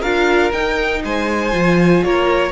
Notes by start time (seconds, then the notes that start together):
0.00 D4 F4 A#4 F5
0.52 D#4 G5
1.04 G#3 C5 G#5
1.51 F3 F4
2.03 A#3 A#4 C#5